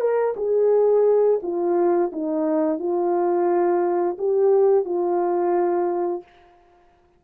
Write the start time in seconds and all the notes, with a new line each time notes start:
0.00 A#4
0.37 G#4
1.42 F4
2.12 D#4
2.79 F4
4.18 G4
4.85 F4